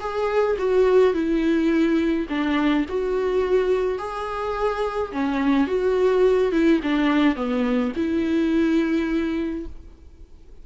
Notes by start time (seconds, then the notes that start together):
0.00 G#4
0.59 F#4
1.14 E4
2.29 D4
2.89 F#4
3.99 G#4
5.12 C#4
5.67 F#4
6.52 E4
6.83 D4
7.36 B3
7.96 E4